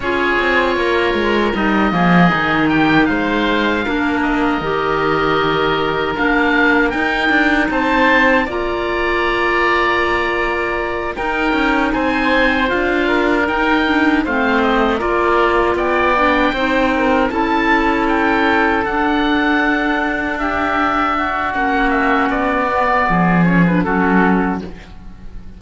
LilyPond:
<<
  \new Staff \with { instrumentName = "oboe" } { \time 4/4 \tempo 4 = 78 cis''2 dis''4. g''8 | f''4. dis''2~ dis''8 | f''4 g''4 a''4 ais''4~ | ais''2~ ais''8 g''4 gis''8~ |
gis''8 f''4 g''4 f''8 dis''8 d''8~ | d''8 g''2 a''4 g''8~ | g''8 fis''2 e''4. | fis''8 e''8 d''4. cis''16 b'16 a'4 | }
  \new Staff \with { instrumentName = "oboe" } { \time 4/4 gis'4 ais'4. gis'4 g'8 | c''4 ais'2.~ | ais'2 c''4 d''4~ | d''2~ d''8 ais'4 c''8~ |
c''4 ais'4. c''4 ais'8~ | ais'8 d''4 c''8 ais'8 a'4.~ | a'2~ a'8 g'4 fis'8~ | fis'2 gis'4 fis'4 | }
  \new Staff \with { instrumentName = "clarinet" } { \time 4/4 f'2 dis'8 ais8 dis'4~ | dis'4 d'4 g'2 | d'4 dis'2 f'4~ | f'2~ f'8 dis'4.~ |
dis'8 f'4 dis'8 d'8 c'4 f'8~ | f'4 d'8 dis'4 e'4.~ | e'8 d'2.~ d'8 | cis'4. b4 cis'16 d'16 cis'4 | }
  \new Staff \with { instrumentName = "cello" } { \time 4/4 cis'8 c'8 ais8 gis8 g8 f8 dis4 | gis4 ais4 dis2 | ais4 dis'8 d'8 c'4 ais4~ | ais2~ ais8 dis'8 cis'8 c'8~ |
c'8 d'4 dis'4 a4 ais8~ | ais8 b4 c'4 cis'4.~ | cis'8 d'2.~ d'8 | ais4 b4 f4 fis4 | }
>>